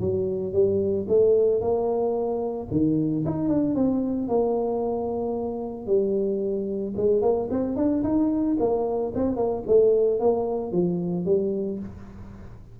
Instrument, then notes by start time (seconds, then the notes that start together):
tuba
0.00 F#3
0.53 G3
1.08 A3
1.61 A#3
2.71 D#3
3.25 D#4
3.48 D4
3.75 C4
4.28 A#3
5.86 G3
6.97 G#3
7.22 A#3
7.51 C4
7.76 D4
8.03 D#4
8.60 A#3
9.15 C4
9.36 A#3
9.67 A3
10.20 A#3
10.72 F3
11.25 G3